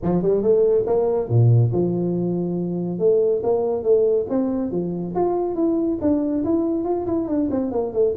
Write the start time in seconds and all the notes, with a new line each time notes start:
0.02 F3
0.22 G3
0.42 A3
0.86 A#3
1.29 A#2
1.71 F3
2.99 A3
3.43 A#3
3.83 A3
4.29 C4
4.71 F3
5.15 F4
5.55 E4
6.01 D4
6.44 E4
6.84 F4
7.06 E4
7.27 D4
7.50 C4
7.71 A#3
7.93 A3